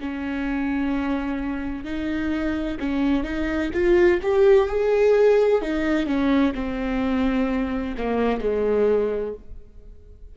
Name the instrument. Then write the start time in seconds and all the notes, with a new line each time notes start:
viola
0.00 C#4
1.84 D#4
2.80 C#4
3.23 D#4
3.74 F4
4.22 G4
4.68 G#4
5.61 D#4
6.06 C#4
6.55 C4
7.98 A#3
8.40 G#3